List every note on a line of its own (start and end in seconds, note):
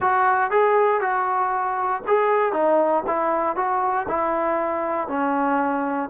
0.00 0.51 F#4
0.51 1.00 G#4
1.00 2.02 F#4
2.07 2.52 G#4
2.52 3.03 D#4
3.06 3.55 E4
3.55 4.06 F#4
4.08 5.08 E4
5.08 6.09 C#4